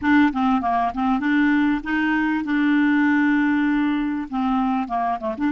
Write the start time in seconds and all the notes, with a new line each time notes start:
0.01 D4
0.32 C4
0.61 A#3
0.94 C4
1.19 D4
1.83 D#4
2.44 D4
4.30 C4
4.88 A#3
5.20 A3
5.37 D4